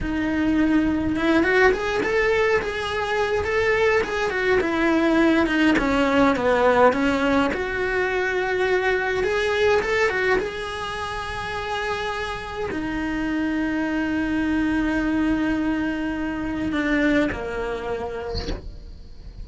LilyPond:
\new Staff \with { instrumentName = "cello" } { \time 4/4 \tempo 4 = 104 dis'2 e'8 fis'8 gis'8 a'8~ | a'8 gis'4. a'4 gis'8 fis'8 | e'4. dis'8 cis'4 b4 | cis'4 fis'2. |
gis'4 a'8 fis'8 gis'2~ | gis'2 dis'2~ | dis'1~ | dis'4 d'4 ais2 | }